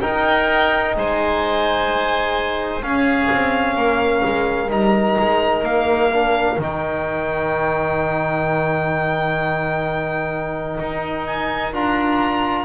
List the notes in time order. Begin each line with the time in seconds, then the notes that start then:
0.00 D#4 A#4 G5
0.96 G#3 C5 G#5
2.81 C#4 G#4 F5
3.31 C4
3.74 A#3 A#4
4.24 G#3
4.69 G3 D#4 A#5
5.18 G#3
5.62 A#3 F5
6.10 D4
6.57 D#3 D#4 G5
10.79 D#4
11.26 G#5
11.72 D4 F4 A#5